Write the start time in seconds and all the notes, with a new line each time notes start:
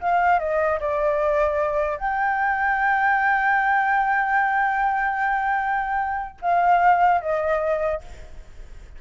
0.00 F5
0.39 D#5
0.80 D5
1.97 G5
6.41 F5
7.21 D#5